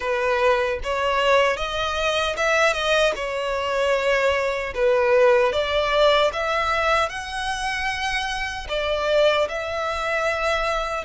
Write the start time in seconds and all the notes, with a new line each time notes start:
0.00 B4
0.83 C#5
1.56 D#5
2.36 E5
2.73 D#5
3.15 C#5
4.74 B4
5.52 D5
6.33 E5
7.09 F#5
8.68 D5
9.48 E5